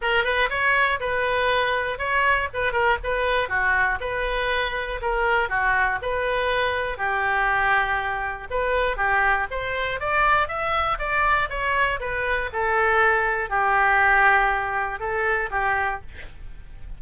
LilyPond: \new Staff \with { instrumentName = "oboe" } { \time 4/4 \tempo 4 = 120 ais'8 b'8 cis''4 b'2 | cis''4 b'8 ais'8 b'4 fis'4 | b'2 ais'4 fis'4 | b'2 g'2~ |
g'4 b'4 g'4 c''4 | d''4 e''4 d''4 cis''4 | b'4 a'2 g'4~ | g'2 a'4 g'4 | }